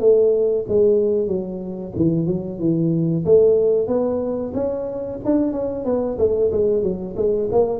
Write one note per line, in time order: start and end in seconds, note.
0.00 0.65 A3
0.68 1.27 G#3
1.27 1.92 F#3
1.96 2.26 E3
2.26 2.59 F#3
2.59 3.24 E3
3.25 3.87 A3
3.87 4.53 B3
4.54 5.19 C#4
5.25 5.52 D4
5.52 5.85 C#4
5.85 6.17 B3
6.18 6.51 A3
6.52 6.83 G#3
6.83 7.15 F#3
7.17 7.49 G#3
7.52 7.80 A#3